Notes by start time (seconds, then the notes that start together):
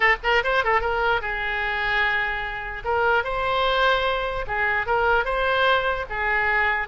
0.00 A4
0.23 A#4
0.43 C5
0.63 A4
0.80 A#4
1.21 G#4
2.84 A#4
3.24 C5
4.47 G#4
4.86 A#4
5.24 C5
6.09 G#4